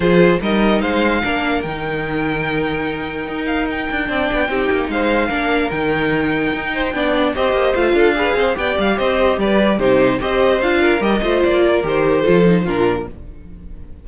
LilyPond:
<<
  \new Staff \with { instrumentName = "violin" } { \time 4/4 \tempo 4 = 147 c''4 dis''4 f''2 | g''1~ | g''8 f''8 g''2. | f''2 g''2~ |
g''2 dis''4 f''4~ | f''4 g''8 f''8 dis''4 d''4 | c''4 dis''4 f''4 dis''4 | d''4 c''2 ais'4 | }
  \new Staff \with { instrumentName = "violin" } { \time 4/4 gis'4 ais'4 c''4 ais'4~ | ais'1~ | ais'2 d''4 g'4 | c''4 ais'2.~ |
ais'8 c''8 d''4 c''4. a'8 | b'8 c''8 d''4 c''4 b'4 | g'4 c''4. ais'4 c''8~ | c''8 ais'4. a'4 f'4 | }
  \new Staff \with { instrumentName = "viola" } { \time 4/4 f'4 dis'2 d'4 | dis'1~ | dis'2 d'4 dis'4~ | dis'4 d'4 dis'2~ |
dis'4 d'4 g'4 f'4 | gis'4 g'2. | dis'4 g'4 f'4 g'8 f'8~ | f'4 g'4 f'8 dis'8 d'4 | }
  \new Staff \with { instrumentName = "cello" } { \time 4/4 f4 g4 gis4 ais4 | dis1 | dis'4. d'8 c'8 b8 c'8 ais8 | gis4 ais4 dis2 |
dis'4 b4 c'8 ais8 a8 d'8~ | d'8 c'8 b8 g8 c'4 g4 | c4 c'4 d'4 g8 a8 | ais4 dis4 f4 ais,4 | }
>>